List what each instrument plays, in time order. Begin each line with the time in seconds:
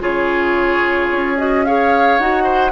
0.00 bassoon C#3, clarinet F4, oboe G#4, flute C#5
1.10 bassoon C#4
1.37 clarinet F#4, flute D#5
1.64 clarinet G#4, oboe C#5, flute F5
2.18 bassoon D#4, clarinet F#4, flute F#5
2.43 oboe C5